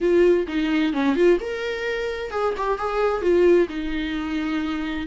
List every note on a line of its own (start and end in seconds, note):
0.00 0.47 F4
0.47 0.93 D#4
0.93 1.15 C#4
1.15 1.38 F4
1.40 2.31 A#4
2.31 2.54 G#4
2.57 2.78 G4
2.78 3.21 G#4
3.21 3.68 F4
3.68 5.06 D#4